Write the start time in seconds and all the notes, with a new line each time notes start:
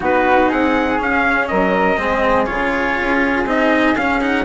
0.00 B3 D#4 F#4 B4
0.49 C4 G#4 F#5
0.98 C#4 F5
1.47 F#3 A#4 D#5
1.97 G#3 C4 G#4
2.45 C#3 F4 C#5
3.00 C#4
3.45 C4 D#4 D#5
3.96 C#4 F5
4.20 D#4 F#5